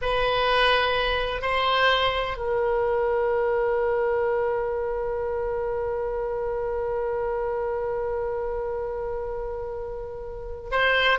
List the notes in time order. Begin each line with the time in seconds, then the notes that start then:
0.01 B4
1.41 C5
2.37 A#4
10.71 C5